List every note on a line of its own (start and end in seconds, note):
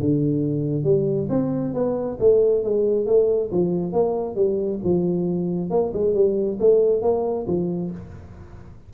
0.00 0.84 D3
0.84 1.28 G3
1.30 1.74 C4
1.74 2.18 B3
2.20 2.64 A3
2.64 3.07 G#3
3.07 3.51 A3
3.52 3.93 F3
3.93 4.36 A#3
4.36 4.80 G3
4.84 5.70 F3
5.70 5.92 A#3
5.94 6.14 G#3
6.14 6.59 G3
6.60 7.02 A3
7.02 7.46 A#3
7.47 7.92 F3